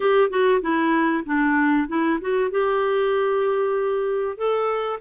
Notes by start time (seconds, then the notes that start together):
0.00 G4
0.30 F#4
0.61 E4
1.25 D4
1.88 E4
2.20 F#4
2.50 G4
4.37 A4